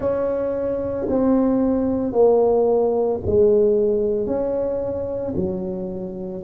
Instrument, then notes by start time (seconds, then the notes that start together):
tuba
0.00 C#4
1.09 C4
2.12 A#3
3.25 G#3
4.26 C#4
5.35 F#3